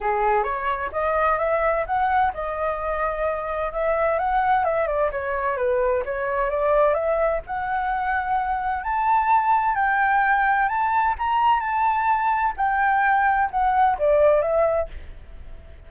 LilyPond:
\new Staff \with { instrumentName = "flute" } { \time 4/4 \tempo 4 = 129 gis'4 cis''4 dis''4 e''4 | fis''4 dis''2. | e''4 fis''4 e''8 d''8 cis''4 | b'4 cis''4 d''4 e''4 |
fis''2. a''4~ | a''4 g''2 a''4 | ais''4 a''2 g''4~ | g''4 fis''4 d''4 e''4 | }